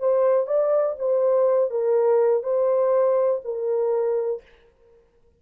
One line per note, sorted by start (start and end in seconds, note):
0.00 0.47 C5
0.47 0.96 D5
0.99 1.71 C5
1.71 2.43 A#4
2.43 3.41 C5
3.45 4.42 A#4